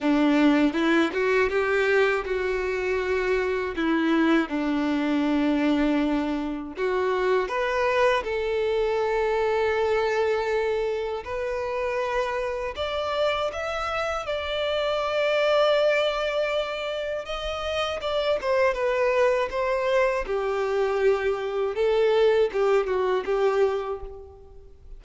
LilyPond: \new Staff \with { instrumentName = "violin" } { \time 4/4 \tempo 4 = 80 d'4 e'8 fis'8 g'4 fis'4~ | fis'4 e'4 d'2~ | d'4 fis'4 b'4 a'4~ | a'2. b'4~ |
b'4 d''4 e''4 d''4~ | d''2. dis''4 | d''8 c''8 b'4 c''4 g'4~ | g'4 a'4 g'8 fis'8 g'4 | }